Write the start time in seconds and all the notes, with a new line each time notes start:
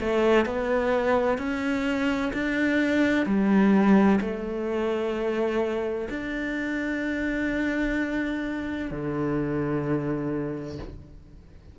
0.00 A3
0.46 B3
1.38 C#4
2.33 D4
3.26 G3
4.21 A3
6.09 D4
8.91 D3